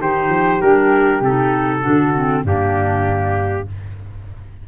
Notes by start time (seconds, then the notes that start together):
0.00 D#3 D#4 G4 C5
0.28 F3
0.61 G3 D4 A#4
1.20 C3 D#4 A4
1.80 D3 D4 F#4
2.15 C4
2.44 G2 A#3 D4 G4